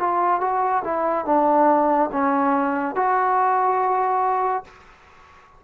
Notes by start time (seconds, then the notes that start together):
0.00 F4
0.41 F#4
0.85 E4
1.26 D4
2.12 C#4
2.96 F#4